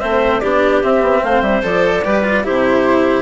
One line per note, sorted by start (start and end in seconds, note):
0.00 0.43 A3
0.00 0.41 C4
0.00 0.41 C5
0.00 0.40 E5
0.40 0.84 B3
0.40 0.84 D4
0.40 1.23 G4
0.40 0.80 D5
0.84 1.01 C4
0.84 1.62 C4
0.84 1.25 E5
1.01 1.22 B3
1.23 1.42 A3
1.23 2.04 C5
1.23 1.42 F5
1.42 1.62 G3
1.42 1.62 E5
1.62 2.04 F3
1.62 2.03 A4
1.62 2.46 D5
2.04 2.46 G3
2.04 2.24 G4
2.04 2.45 B4
2.24 2.44 F4
2.44 3.22 C3
2.44 3.22 E4
2.44 3.22 G4
2.44 3.22 C5